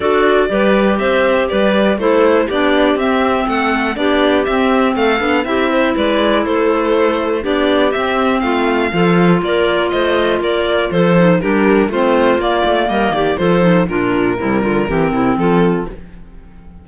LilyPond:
<<
  \new Staff \with { instrumentName = "violin" } { \time 4/4 \tempo 4 = 121 d''2 e''4 d''4 | c''4 d''4 e''4 fis''4 | d''4 e''4 f''4 e''4 | d''4 c''2 d''4 |
e''4 f''2 d''4 | dis''4 d''4 c''4 ais'4 | c''4 d''4 dis''8 d''8 c''4 | ais'2. a'4 | }
  \new Staff \with { instrumentName = "clarinet" } { \time 4/4 a'4 b'4 c''4 b'4 | a'4 g'2 a'4 | g'2 a'4 g'8 c''8 | b'4 a'2 g'4~ |
g'4 f'4 a'4 ais'4 | c''4 ais'4 a'4 g'4 | f'2 ais'8 g'8 a'4 | f'4 e'8 f'8 g'8 e'8 f'4 | }
  \new Staff \with { instrumentName = "clarinet" } { \time 4/4 fis'4 g'2. | e'4 d'4 c'2 | d'4 c'4. d'8 e'4~ | e'2. d'4 |
c'2 f'2~ | f'2~ f'8 dis'8 d'4 | c'4 ais2 f'8 dis'8 | d'4 g4 c'2 | }
  \new Staff \with { instrumentName = "cello" } { \time 4/4 d'4 g4 c'4 g4 | a4 b4 c'4 a4 | b4 c'4 a8 b8 c'4 | gis4 a2 b4 |
c'4 a4 f4 ais4 | a4 ais4 f4 g4 | a4 ais8 a8 g8 dis8 f4 | ais,4 c8 d8 e8 c8 f4 | }
>>